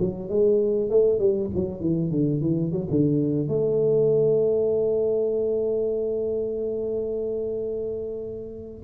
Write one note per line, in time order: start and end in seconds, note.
0.00 0.29 F#3
0.29 0.90 G#3
0.90 1.20 A3
1.20 1.50 G3
1.55 1.81 F#3
1.81 2.11 E3
2.11 2.42 D3
2.42 2.72 E3
2.72 2.87 F#3
2.91 3.48 D3
3.48 8.84 A3